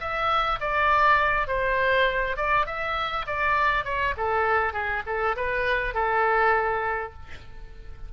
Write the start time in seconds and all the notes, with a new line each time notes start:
0.00 E5
0.60 D5
1.47 C5
2.37 D5
2.66 E5
3.26 D5
3.85 C#5
4.17 A4
4.73 G#4
5.06 A4
5.36 B4
5.94 A4